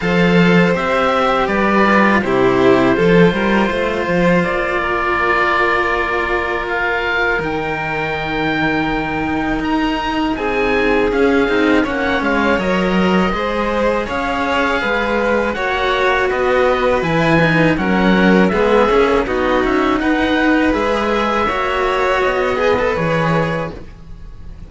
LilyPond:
<<
  \new Staff \with { instrumentName = "oboe" } { \time 4/4 \tempo 4 = 81 f''4 e''4 d''4 c''4~ | c''2 d''2~ | d''4 f''4 g''2~ | g''4 ais''4 gis''4 f''4 |
fis''8 f''8 dis''2 f''4~ | f''4 fis''4 dis''4 gis''4 | fis''4 e''4 dis''8 e''8 fis''4 | e''2 dis''4 cis''4 | }
  \new Staff \with { instrumentName = "violin" } { \time 4/4 c''2 b'4 g'4 | a'8 ais'8 c''4. ais'4.~ | ais'1~ | ais'2 gis'2 |
cis''2 c''4 cis''4 | b'4 cis''4 b'2 | ais'4 gis'4 fis'4 b'4~ | b'4 cis''4. b'4. | }
  \new Staff \with { instrumentName = "cello" } { \time 4/4 a'4 g'4. f'8 e'4 | f'1~ | f'2 dis'2~ | dis'2. cis'8 dis'8 |
cis'4 ais'4 gis'2~ | gis'4 fis'2 e'8 dis'8 | cis'4 b8 cis'8 dis'2 | gis'4 fis'4. gis'16 a'16 gis'4 | }
  \new Staff \with { instrumentName = "cello" } { \time 4/4 f4 c'4 g4 c4 | f8 g8 a8 f8 ais2~ | ais2 dis2~ | dis4 dis'4 c'4 cis'8 c'8 |
ais8 gis8 fis4 gis4 cis'4 | gis4 ais4 b4 e4 | fis4 gis8 ais8 b8 cis'8 dis'4 | gis4 ais4 b4 e4 | }
>>